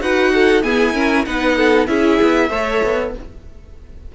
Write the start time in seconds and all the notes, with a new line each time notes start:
0.00 D#4 F#4 B4 F#5
0.34 A4
0.63 B3 E4 G#4 G#5
0.93 C#4 A#4
1.26 B3 D#4 B4 F#5
1.57 A4
1.87 C#4 E4 G#4 E5
2.22 B3
2.50 A3 A4 C#5
2.84 B3